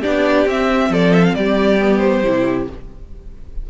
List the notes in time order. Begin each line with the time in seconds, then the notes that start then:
0.00 D4 G4 D5
0.06 B3
0.46 C4 E5
0.89 F3 A4 D5
1.14 E5
1.24 F5
1.34 G3 G4 D5
1.80 B3
1.98 C5
2.24 C3 E4